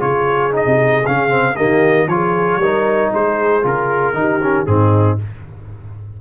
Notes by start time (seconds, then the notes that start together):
0.00 C#3 F4 G#4 C#5
0.52 D#4 D#5
0.65 C3
1.06 C#3 C#4 F5
1.29 C4
1.56 D#3 A#3 G4 D#5
2.07 F3 F4 G#4 C#5
2.57 G3 D#4 A#4
3.11 G#3 G#4 C5
3.62 C#3 F4 A#4
4.14 D#3 D#4 G4
4.42 C#4
4.66 G#2 C4 D#4 G#4